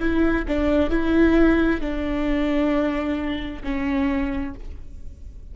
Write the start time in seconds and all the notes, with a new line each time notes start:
0.00 E4
0.48 D4
0.90 E4
1.81 D4
3.64 C#4